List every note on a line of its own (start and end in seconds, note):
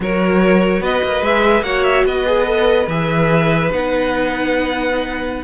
0.00 0.80 F#3
0.00 1.22 F#4
0.00 0.82 A#4
0.00 0.83 C#5
0.80 1.01 B3
0.80 1.64 B4
0.80 1.24 D#5
1.03 1.21 A#3
1.21 1.62 G#3
1.21 1.63 G#4
1.21 1.63 E5
1.62 2.03 A#3
1.62 2.26 F#4
1.62 2.05 C#5
1.62 1.83 F#5
1.83 2.04 E5
2.04 2.87 B3
2.04 5.44 B4
2.04 2.88 D#5
2.26 2.46 G#4
2.46 2.87 A4
2.87 3.69 E3
2.87 3.70 G#4
2.87 3.70 E5
3.70 5.44 B3
3.70 5.44 D#4
3.70 5.44 F#5